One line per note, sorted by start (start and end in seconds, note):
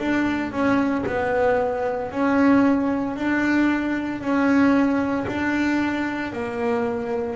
0.00 0.53 D4
0.53 1.05 C#4
1.07 2.11 B3
2.11 3.17 C#4
3.17 4.22 D4
4.22 5.27 C#4
5.28 6.33 D4
6.33 7.36 A#3